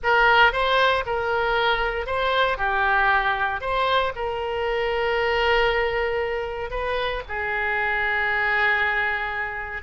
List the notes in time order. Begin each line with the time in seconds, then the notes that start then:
0.03 A#4
0.52 C5
1.06 A#4
2.06 C5
2.57 G4
3.60 C5
4.15 A#4
6.70 B4
7.28 G#4